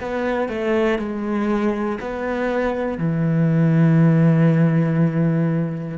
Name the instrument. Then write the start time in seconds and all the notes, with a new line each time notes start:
cello
0.00 B3
0.49 A3
0.99 G#3
2.00 B3
2.98 E3